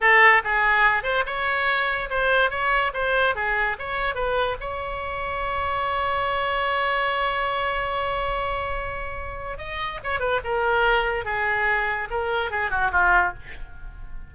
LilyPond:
\new Staff \with { instrumentName = "oboe" } { \time 4/4 \tempo 4 = 144 a'4 gis'4. c''8 cis''4~ | cis''4 c''4 cis''4 c''4 | gis'4 cis''4 b'4 cis''4~ | cis''1~ |
cis''1~ | cis''2. dis''4 | cis''8 b'8 ais'2 gis'4~ | gis'4 ais'4 gis'8 fis'8 f'4 | }